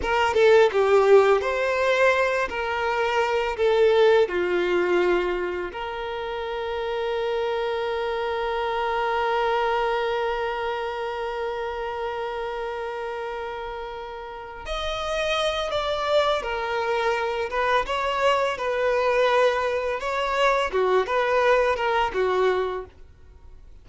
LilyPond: \new Staff \with { instrumentName = "violin" } { \time 4/4 \tempo 4 = 84 ais'8 a'8 g'4 c''4. ais'8~ | ais'4 a'4 f'2 | ais'1~ | ais'1~ |
ais'1~ | ais'8 dis''4. d''4 ais'4~ | ais'8 b'8 cis''4 b'2 | cis''4 fis'8 b'4 ais'8 fis'4 | }